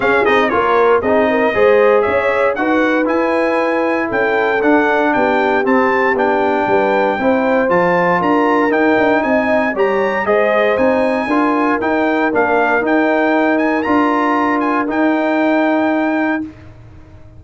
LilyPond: <<
  \new Staff \with { instrumentName = "trumpet" } { \time 4/4 \tempo 4 = 117 f''8 dis''8 cis''4 dis''2 | e''4 fis''4 gis''2 | g''4 fis''4 g''4 a''4 | g''2. a''4 |
ais''4 g''4 gis''4 ais''4 | dis''4 gis''2 g''4 | f''4 g''4. gis''8 ais''4~ | ais''8 gis''8 g''2. | }
  \new Staff \with { instrumentName = "horn" } { \time 4/4 gis'4 ais'4 gis'8 ais'8 c''4 | cis''4 b'2. | a'2 g'2~ | g'4 b'4 c''2 |
ais'2 dis''4 cis''4 | c''2 ais'2~ | ais'1~ | ais'1 | }
  \new Staff \with { instrumentName = "trombone" } { \time 4/4 cis'8 dis'8 f'4 dis'4 gis'4~ | gis'4 fis'4 e'2~ | e'4 d'2 c'4 | d'2 e'4 f'4~ |
f'4 dis'2 g'4 | gis'4 dis'4 f'4 dis'4 | d'4 dis'2 f'4~ | f'4 dis'2. | }
  \new Staff \with { instrumentName = "tuba" } { \time 4/4 cis'8 c'8 ais4 c'4 gis4 | cis'4 dis'4 e'2 | cis'4 d'4 b4 c'4 | b4 g4 c'4 f4 |
d'4 dis'8 d'8 c'4 g4 | gis4 c'4 d'4 dis'4 | ais4 dis'2 d'4~ | d'4 dis'2. | }
>>